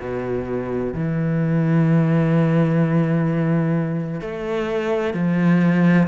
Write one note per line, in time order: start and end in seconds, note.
0.00 0.94 B2
0.94 4.21 E3
4.21 5.14 A3
5.14 6.08 F3